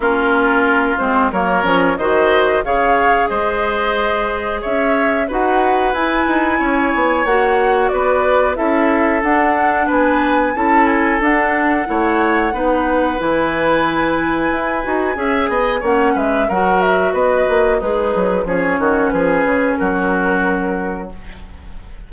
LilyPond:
<<
  \new Staff \with { instrumentName = "flute" } { \time 4/4 \tempo 4 = 91 ais'4. c''8 cis''4 dis''4 | f''4 dis''2 e''4 | fis''4 gis''2 fis''4 | d''4 e''4 fis''4 gis''4 |
a''8 gis''8 fis''2. | gis''1 | fis''8 e''8 fis''8 e''8 dis''4 b'4 | cis''4 b'4 ais'2 | }
  \new Staff \with { instrumentName = "oboe" } { \time 4/4 f'2 ais'4 c''4 | cis''4 c''2 cis''4 | b'2 cis''2 | b'4 a'2 b'4 |
a'2 cis''4 b'4~ | b'2. e''8 dis''8 | cis''8 b'8 ais'4 b'4 dis'4 | gis'8 fis'8 gis'4 fis'2 | }
  \new Staff \with { instrumentName = "clarinet" } { \time 4/4 cis'4. c'8 ais8 cis'8 fis'4 | gis'1 | fis'4 e'2 fis'4~ | fis'4 e'4 d'2 |
e'4 d'4 e'4 dis'4 | e'2~ e'8 fis'8 gis'4 | cis'4 fis'2 gis'4 | cis'1 | }
  \new Staff \with { instrumentName = "bassoon" } { \time 4/4 ais4. gis8 fis8 f8 dis4 | cis4 gis2 cis'4 | dis'4 e'8 dis'8 cis'8 b8 ais4 | b4 cis'4 d'4 b4 |
cis'4 d'4 a4 b4 | e2 e'8 dis'8 cis'8 b8 | ais8 gis8 fis4 b8 ais8 gis8 fis8 | f8 dis8 f8 cis8 fis2 | }
>>